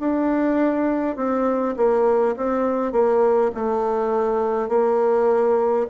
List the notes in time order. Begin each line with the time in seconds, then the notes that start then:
0.00 D4
1.17 C4
1.76 A#3
2.37 C4
2.93 A#3
3.55 A3
4.69 A#3